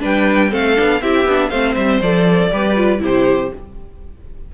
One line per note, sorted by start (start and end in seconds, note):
0.00 0.53 G3
0.00 0.50 D4
0.00 0.51 B4
0.00 0.54 G5
0.51 0.78 A3
0.51 0.76 C4
0.51 1.01 A4
0.51 1.02 F5
0.76 1.02 B3
0.76 1.01 D4
1.02 1.26 C4
1.02 1.27 E4
1.02 1.49 G4
1.02 1.49 E5
1.26 1.51 B3
1.26 1.52 D4
1.49 1.76 A3
1.49 2.02 C4
1.49 2.49 C5
1.49 1.74 F5
1.76 2.01 G3
1.76 2.01 E5
2.02 2.52 F3
2.02 2.51 A4
2.02 3.02 D5
2.51 3.01 G3
2.51 2.76 G4
2.51 3.02 B4
2.76 2.99 F4
2.99 3.51 C3
2.99 3.49 E4
2.99 3.52 G4
2.99 3.54 C5